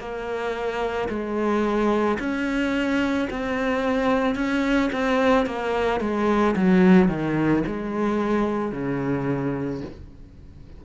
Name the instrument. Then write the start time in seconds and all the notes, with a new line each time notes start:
cello
0.00 A#3
1.09 G#3
2.20 C#4
3.30 C4
4.36 C#4
4.93 C4
5.46 A#3
6.01 G#3
6.57 F#3
7.09 D#3
7.68 G#3
8.73 C#3